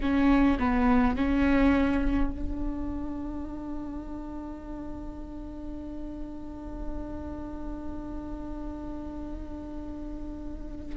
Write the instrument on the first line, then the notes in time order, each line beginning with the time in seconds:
viola
0.00 C#4
0.59 B3
1.16 C#4
2.31 D4